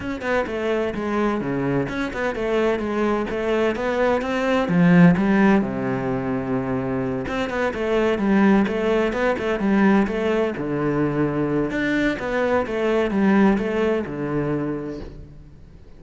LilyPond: \new Staff \with { instrumentName = "cello" } { \time 4/4 \tempo 4 = 128 cis'8 b8 a4 gis4 cis4 | cis'8 b8 a4 gis4 a4 | b4 c'4 f4 g4 | c2.~ c8 c'8 |
b8 a4 g4 a4 b8 | a8 g4 a4 d4.~ | d4 d'4 b4 a4 | g4 a4 d2 | }